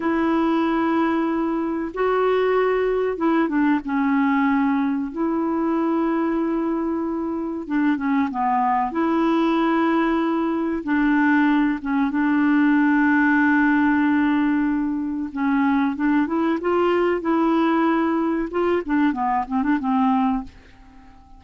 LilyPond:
\new Staff \with { instrumentName = "clarinet" } { \time 4/4 \tempo 4 = 94 e'2. fis'4~ | fis'4 e'8 d'8 cis'2 | e'1 | d'8 cis'8 b4 e'2~ |
e'4 d'4. cis'8 d'4~ | d'1 | cis'4 d'8 e'8 f'4 e'4~ | e'4 f'8 d'8 b8 c'16 d'16 c'4 | }